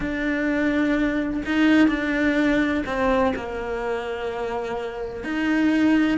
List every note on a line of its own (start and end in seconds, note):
0.00 1.43 D4
1.45 1.88 D#4
1.88 2.83 D4
2.86 3.33 C4
3.35 5.24 A#3
5.24 6.18 D#4